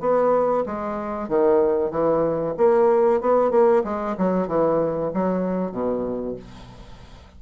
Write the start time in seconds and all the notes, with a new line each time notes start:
0.00 B3
0.66 G#3
1.29 D#3
1.91 E3
2.57 A#3
3.21 B3
3.51 A#3
3.84 G#3
4.17 F#3
4.48 E3
5.14 F#3
5.72 B2